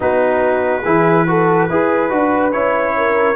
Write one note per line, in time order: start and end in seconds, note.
0.00 0.85 B3
0.00 0.82 D#4
0.00 0.82 F#4
0.00 2.52 B4
0.82 1.69 E3
0.82 1.27 E4
0.82 1.24 G#4
1.27 1.69 F#4
1.27 1.68 A4
1.68 2.11 E4
1.68 2.09 G#4
1.68 2.94 B4
2.09 2.53 D4
2.09 2.52 F#4
2.52 3.35 C#4
2.52 3.35 E4
2.52 3.35 C#5
2.97 3.35 A#4